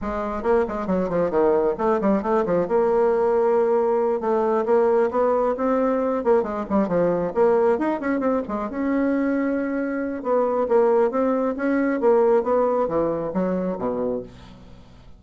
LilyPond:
\new Staff \with { instrumentName = "bassoon" } { \time 4/4 \tempo 4 = 135 gis4 ais8 gis8 fis8 f8 dis4 | a8 g8 a8 f8 ais2~ | ais4. a4 ais4 b8~ | b8 c'4. ais8 gis8 g8 f8~ |
f8 ais4 dis'8 cis'8 c'8 gis8 cis'8~ | cis'2. b4 | ais4 c'4 cis'4 ais4 | b4 e4 fis4 b,4 | }